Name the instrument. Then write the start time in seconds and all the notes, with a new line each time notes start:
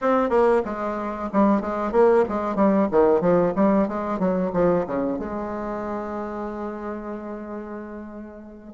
bassoon
0.01 C4
0.29 A#3
0.65 G#3
1.32 G3
1.61 G#3
1.92 A#3
2.28 G#3
2.55 G3
2.91 D#3
3.21 F3
3.55 G3
3.87 G#3
4.19 F#3
4.53 F3
4.86 C#3
5.18 G#3